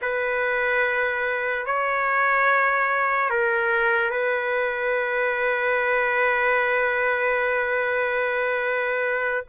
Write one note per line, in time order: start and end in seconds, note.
0.01 1.66 B4
1.66 3.30 C#5
3.30 4.10 A#4
4.10 9.44 B4